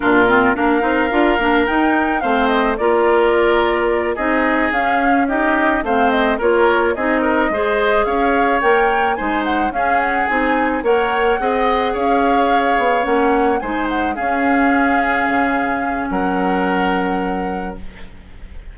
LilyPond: <<
  \new Staff \with { instrumentName = "flute" } { \time 4/4 \tempo 4 = 108 ais'4 f''2 g''4 | f''8 dis''8 d''2~ d''8 dis''8~ | dis''8 f''4 dis''4 f''8 dis''8 cis''8~ | cis''8 dis''2 f''4 g''8~ |
g''8 gis''8 fis''8 f''8 fis''8 gis''4 fis''8~ | fis''4. f''2 fis''8~ | fis''8 gis''8 fis''8 f''2~ f''8~ | f''4 fis''2. | }
  \new Staff \with { instrumentName = "oboe" } { \time 4/4 f'4 ais'2. | c''4 ais'2~ ais'8 gis'8~ | gis'4. g'4 c''4 ais'8~ | ais'8 gis'8 ais'8 c''4 cis''4.~ |
cis''8 c''4 gis'2 cis''8~ | cis''8 dis''4 cis''2~ cis''8~ | cis''8 c''4 gis'2~ gis'8~ | gis'4 ais'2. | }
  \new Staff \with { instrumentName = "clarinet" } { \time 4/4 d'8 c'8 d'8 dis'8 f'8 d'8 dis'4 | c'4 f'2~ f'8 dis'8~ | dis'8 cis'4 dis'4 c'4 f'8~ | f'8 dis'4 gis'2 ais'8~ |
ais'8 dis'4 cis'4 dis'4 ais'8~ | ais'8 gis'2. cis'8~ | cis'8 dis'4 cis'2~ cis'8~ | cis'1 | }
  \new Staff \with { instrumentName = "bassoon" } { \time 4/4 ais,4 ais8 c'8 d'8 ais8 dis'4 | a4 ais2~ ais8 c'8~ | c'8 cis'2 a4 ais8~ | ais8 c'4 gis4 cis'4 ais8~ |
ais8 gis4 cis'4 c'4 ais8~ | ais8 c'4 cis'4. b8 ais8~ | ais8 gis4 cis'2 cis8~ | cis4 fis2. | }
>>